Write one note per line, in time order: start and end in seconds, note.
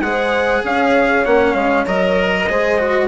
0.00 0.61 G#3
0.00 1.25 G#4
0.00 0.64 C5
0.00 0.62 F#5
0.64 1.25 C#4
0.64 2.48 C#5
0.64 1.25 F5
1.25 1.54 A#3
1.25 1.86 C#4
1.25 1.54 F#5
1.54 1.85 G#3
1.54 1.84 F5
1.86 2.48 F#3
1.86 2.47 A#4
1.86 3.08 D#5
2.48 3.08 G#3
2.48 2.78 G#4
2.48 3.08 C5
2.78 3.08 F#4